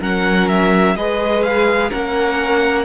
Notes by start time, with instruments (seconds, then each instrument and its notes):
0.00 cello F#3, viola C#4, violin A#4 F#5
0.48 violin E5
0.95 cello G#3, viola G#4, violin B4 D#5
1.43 violin F5
1.89 cello A#3, viola C#4, violin A#4 F#5